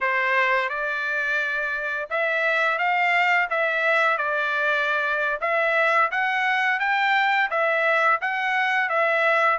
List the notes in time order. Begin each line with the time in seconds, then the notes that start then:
0.00 C5
0.69 D5
2.10 E5
2.78 F5
3.50 E5
4.17 D5
5.41 E5
6.11 F#5
6.79 G5
7.50 E5
8.21 F#5
8.89 E5